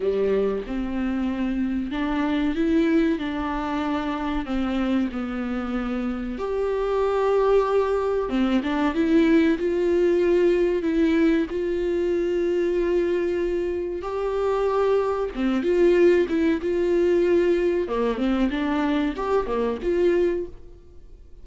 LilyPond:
\new Staff \with { instrumentName = "viola" } { \time 4/4 \tempo 4 = 94 g4 c'2 d'4 | e'4 d'2 c'4 | b2 g'2~ | g'4 c'8 d'8 e'4 f'4~ |
f'4 e'4 f'2~ | f'2 g'2 | c'8 f'4 e'8 f'2 | ais8 c'8 d'4 g'8 ais8 f'4 | }